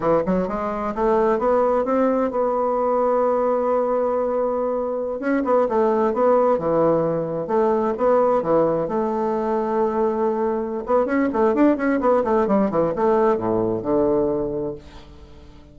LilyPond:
\new Staff \with { instrumentName = "bassoon" } { \time 4/4 \tempo 4 = 130 e8 fis8 gis4 a4 b4 | c'4 b2.~ | b2.~ b16 cis'8 b16~ | b16 a4 b4 e4.~ e16~ |
e16 a4 b4 e4 a8.~ | a2.~ a8 b8 | cis'8 a8 d'8 cis'8 b8 a8 g8 e8 | a4 a,4 d2 | }